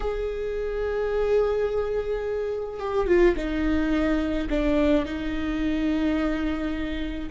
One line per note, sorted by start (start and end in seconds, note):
0.00 2.79 G#4
2.79 3.07 G4
3.07 3.35 F4
3.36 4.48 D#4
4.49 5.05 D4
5.05 7.29 D#4